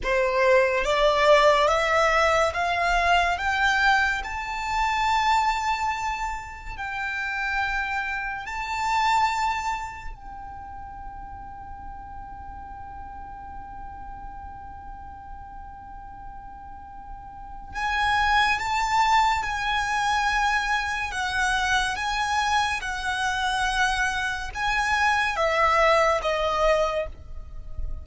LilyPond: \new Staff \with { instrumentName = "violin" } { \time 4/4 \tempo 4 = 71 c''4 d''4 e''4 f''4 | g''4 a''2. | g''2 a''2 | g''1~ |
g''1~ | g''4 gis''4 a''4 gis''4~ | gis''4 fis''4 gis''4 fis''4~ | fis''4 gis''4 e''4 dis''4 | }